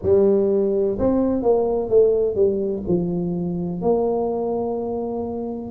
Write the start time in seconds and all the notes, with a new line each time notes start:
0.02 G3
0.98 C4
1.42 A#3
1.89 A3
2.35 G3
2.87 F3
3.81 A#3